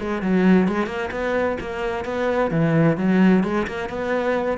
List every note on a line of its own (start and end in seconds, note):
0.00 0.22 G#3
0.22 0.68 F#3
0.68 0.87 G#3
0.87 1.10 A#3
1.11 1.58 B3
1.60 2.05 A#3
2.05 2.51 B3
2.51 2.97 E3
2.97 3.44 F#3
3.44 3.67 G#3
3.67 3.89 A#3
3.89 4.58 B3